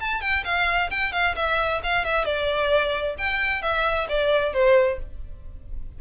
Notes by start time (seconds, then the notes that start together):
0.00 A5
0.21 G5
0.44 F5
0.90 G5
1.12 F5
1.35 E5
1.83 F5
2.05 E5
2.25 D5
3.18 G5
3.62 E5
4.08 D5
4.53 C5